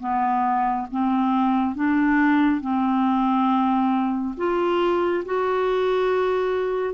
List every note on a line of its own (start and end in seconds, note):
0.00 0.87 B3
0.91 1.75 C4
1.75 2.61 D4
2.61 4.35 C4
4.38 5.25 F4
5.26 6.94 F#4